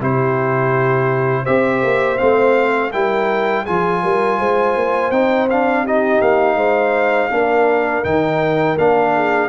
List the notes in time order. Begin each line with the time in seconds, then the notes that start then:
0.00 C3 E4 G4 C5
1.42 C4 G4 C5 E5
1.83 A#3
2.17 A3 C4 F5
2.91 G3 E4 A#4 G5
3.64 F3 F4 G#4 G#5
4.02 G3 A#4
4.38 G#3 C5
4.76 A#3
5.11 C4 D#4 G5
5.50 D4 F5
5.83 D#4 G4 D#5
6.21 A#3 F5
6.55 G#3 C5
7.30 A#3 D4 A#4
8.04 D#3 D#4 G5
8.77 A#3 D4 F5
9.14 G#4